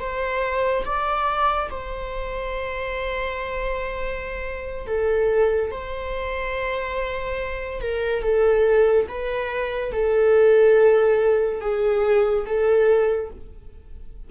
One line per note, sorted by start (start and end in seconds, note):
0.00 0.85 C5
0.85 1.70 D5
1.71 4.87 C5
4.87 5.72 A4
5.72 7.81 C5
7.81 8.23 A#4
8.23 9.07 A4
9.09 9.92 B4
9.92 11.61 A4
11.61 12.46 G#4
12.46 13.31 A4